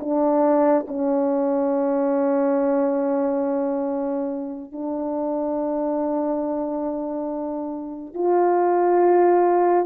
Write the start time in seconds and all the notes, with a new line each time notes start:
0.00 D4
0.88 C#4
4.72 D4
8.14 F4